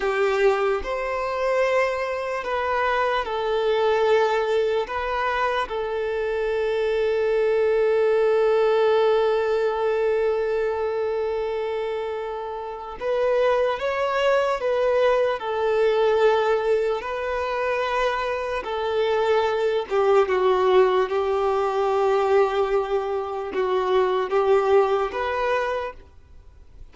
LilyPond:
\new Staff \with { instrumentName = "violin" } { \time 4/4 \tempo 4 = 74 g'4 c''2 b'4 | a'2 b'4 a'4~ | a'1~ | a'1 |
b'4 cis''4 b'4 a'4~ | a'4 b'2 a'4~ | a'8 g'8 fis'4 g'2~ | g'4 fis'4 g'4 b'4 | }